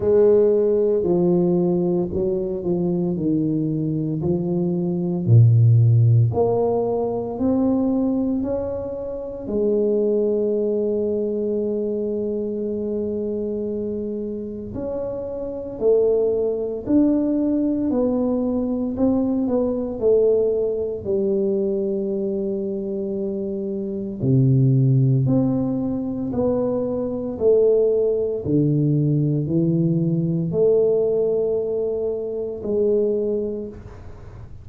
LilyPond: \new Staff \with { instrumentName = "tuba" } { \time 4/4 \tempo 4 = 57 gis4 f4 fis8 f8 dis4 | f4 ais,4 ais4 c'4 | cis'4 gis2.~ | gis2 cis'4 a4 |
d'4 b4 c'8 b8 a4 | g2. c4 | c'4 b4 a4 d4 | e4 a2 gis4 | }